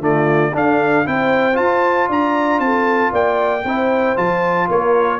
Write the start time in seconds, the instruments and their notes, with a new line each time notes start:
0.00 tuba D3, trombone A3, horn F4, trumpet D5
0.53 trombone D4, tuba D4, horn A4, trumpet F5
1.05 tuba C4, trombone E4, horn C5, trumpet G5
1.54 trombone F4, tuba F4, trumpet A5
2.09 tuba D4, horn D5, trumpet A#5
2.59 tuba C4, horn A4, trumpet A5
3.12 tuba A#3, horn D5, trumpet G5
3.65 tuba C4, trombone E4, horn C5
4.16 tuba F3, trombone F4, trumpet A5
4.67 tuba A#3, horn A#4, trumpet C#5